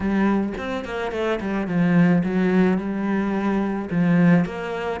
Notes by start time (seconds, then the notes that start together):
0.00 G3
0.57 C4
0.85 A#3
1.11 A3
1.40 G3
1.67 F3
2.23 F#3
2.78 G3
3.90 F3
4.45 A#3